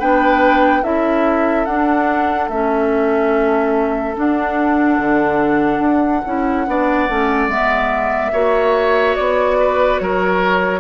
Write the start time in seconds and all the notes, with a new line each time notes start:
0.00 B3 D4 B4 G5
0.83 C#4 E4 A4 E5
1.66 D4 F#5
2.49 A3 C#4 E5
4.16 D4 F#5
4.99 D3
5.80 D4
6.26 C#4 E4
6.67 B3 D4 D5
7.09 A3 C#4
7.48 G#3 B3 E5
8.33 A#3 F#4 C#5
9.16 B3 D5
9.60 B4
9.99 F#3 A#4 C#5